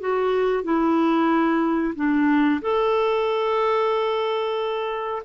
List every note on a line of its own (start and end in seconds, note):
0.00 0.63 F#4
0.63 1.94 E4
1.95 2.61 D4
2.61 5.22 A4